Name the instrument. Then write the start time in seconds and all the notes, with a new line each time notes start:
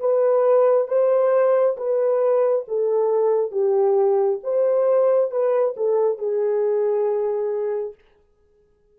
horn
0.00 B4
0.88 C5
1.77 B4
2.68 A4
3.51 G4
4.44 C5
5.31 B4
5.77 A4
6.18 G#4